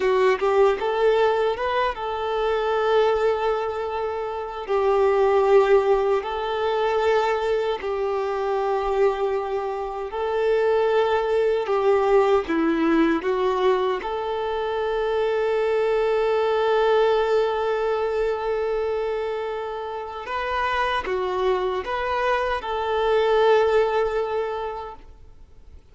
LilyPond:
\new Staff \with { instrumentName = "violin" } { \time 4/4 \tempo 4 = 77 fis'8 g'8 a'4 b'8 a'4.~ | a'2 g'2 | a'2 g'2~ | g'4 a'2 g'4 |
e'4 fis'4 a'2~ | a'1~ | a'2 b'4 fis'4 | b'4 a'2. | }